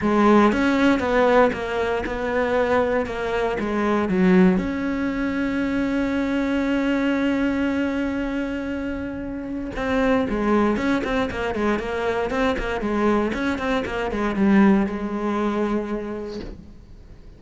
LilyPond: \new Staff \with { instrumentName = "cello" } { \time 4/4 \tempo 4 = 117 gis4 cis'4 b4 ais4 | b2 ais4 gis4 | fis4 cis'2.~ | cis'1~ |
cis'2. c'4 | gis4 cis'8 c'8 ais8 gis8 ais4 | c'8 ais8 gis4 cis'8 c'8 ais8 gis8 | g4 gis2. | }